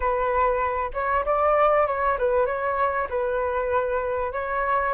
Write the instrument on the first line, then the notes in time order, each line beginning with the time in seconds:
flute
0.00 B4
0.93 C#5
1.25 D5
1.86 C#5
2.18 B4
2.46 C#5
3.09 B4
4.32 C#5